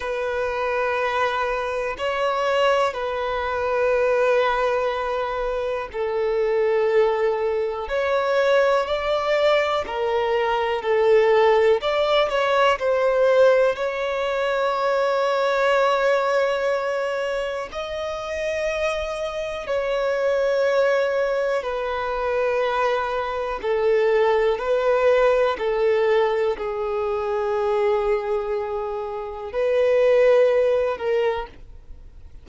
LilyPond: \new Staff \with { instrumentName = "violin" } { \time 4/4 \tempo 4 = 61 b'2 cis''4 b'4~ | b'2 a'2 | cis''4 d''4 ais'4 a'4 | d''8 cis''8 c''4 cis''2~ |
cis''2 dis''2 | cis''2 b'2 | a'4 b'4 a'4 gis'4~ | gis'2 b'4. ais'8 | }